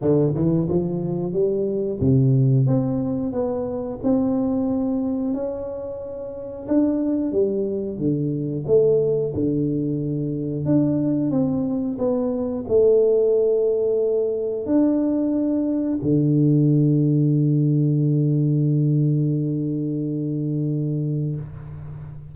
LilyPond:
\new Staff \with { instrumentName = "tuba" } { \time 4/4 \tempo 4 = 90 d8 e8 f4 g4 c4 | c'4 b4 c'2 | cis'2 d'4 g4 | d4 a4 d2 |
d'4 c'4 b4 a4~ | a2 d'2 | d1~ | d1 | }